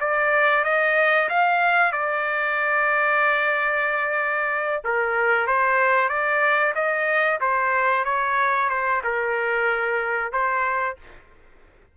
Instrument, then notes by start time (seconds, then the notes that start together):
trumpet
0.00 D5
0.64 D#5
1.29 F5
1.92 D5
4.84 A#4
5.47 C5
6.09 D5
6.75 D#5
7.40 C5
8.05 C#5
8.69 C5
9.04 A#4
10.32 C5